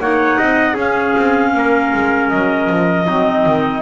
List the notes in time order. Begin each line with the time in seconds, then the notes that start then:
0.00 A#3 D#4 C#5 F#5
0.37 C4 D#5
0.74 C#4 G#4 F5
1.17 C4
1.54 A#3 A#4
1.94 G#3
2.29 F#3 D#5
2.70 F3
3.07 F#3 C4 D#4
3.46 D#3